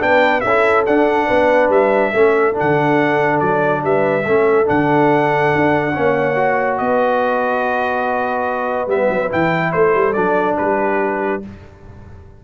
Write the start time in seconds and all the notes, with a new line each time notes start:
0.00 B3 D4 B4 G5
0.41 C#4 A4 E5
0.49 E4
0.86 D4 F#5
1.27 B3 B4
1.69 G3 E5
2.14 A3 C#4 A4
2.54 D4
2.60 D3 F#5
3.40 F#3 D5
3.84 G3 B4 E5
4.25 A3 C#4 A4
4.65 D3 D4 F#5
5.56 D4
5.94 A#3 C#4 C#5
6.36 F#4
6.78 B3 B4 D#5
8.87 G3 B3 E5
9.10 F#3
9.30 E3 E4 G5
9.73 A3 A4 C5
9.95 G3
10.13 F#3 D4 D5
10.58 G3 G4 B4